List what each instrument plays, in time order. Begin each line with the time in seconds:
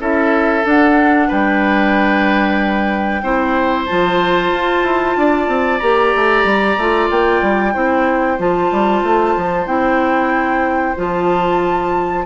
0.00 bassoon C#4, clarinet E4, oboe A4, flute E5
0.64 clarinet D4, bassoon D4, flute F#5
1.28 bassoon G3, oboe B4, flute G5
3.23 bassoon C4, clarinet E4, oboe C5
3.86 bassoon F3, clarinet F4, flute A5
4.52 bassoon F4
4.83 bassoon E4
5.17 bassoon D4, oboe D5
5.48 bassoon C4
5.79 bassoon A#3, clarinet G4, flute A#5
6.16 bassoon A3
6.45 bassoon G3
6.78 bassoon A3, clarinet F4
7.11 bassoon A#3, flute G5
7.42 bassoon G3
7.74 bassoon C4, clarinet E4, oboe C5
8.39 bassoon F3, clarinet F4, flute A5
8.72 bassoon G3
9.03 bassoon A3
9.37 bassoon F3
9.67 bassoon C4, clarinet E4, flute G5
10.96 bassoon F3, clarinet F4, flute A5